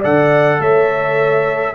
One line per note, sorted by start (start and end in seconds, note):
0.00 0.59 D3
0.00 1.74 A4
0.00 0.57 D5
0.00 0.61 F#5
0.59 1.73 A3
0.59 1.75 C#5
0.59 1.75 E5